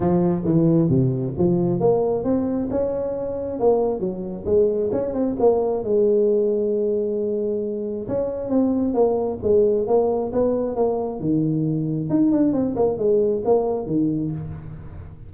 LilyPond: \new Staff \with { instrumentName = "tuba" } { \time 4/4 \tempo 4 = 134 f4 e4 c4 f4 | ais4 c'4 cis'2 | ais4 fis4 gis4 cis'8 c'8 | ais4 gis2.~ |
gis2 cis'4 c'4 | ais4 gis4 ais4 b4 | ais4 dis2 dis'8 d'8 | c'8 ais8 gis4 ais4 dis4 | }